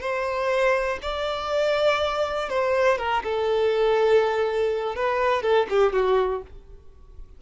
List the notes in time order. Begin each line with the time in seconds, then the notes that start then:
0.00 C5
1.01 D5
2.49 C5
2.98 A#4
3.23 A4
4.95 B4
5.42 A4
5.69 G4
5.93 F#4